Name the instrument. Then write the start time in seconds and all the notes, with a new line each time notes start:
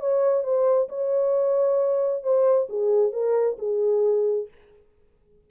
horn
0.00 C#5
0.44 C5
0.89 C#5
2.23 C5
2.69 G#4
3.12 A#4
3.59 G#4